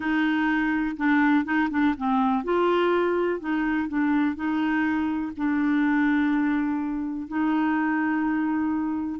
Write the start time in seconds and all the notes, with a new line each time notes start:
0.00 D#4
0.96 D4
1.44 D#4
1.70 D4
1.97 C4
2.44 F4
3.40 D#4
3.88 D4
4.35 D#4
5.36 D4
7.28 D#4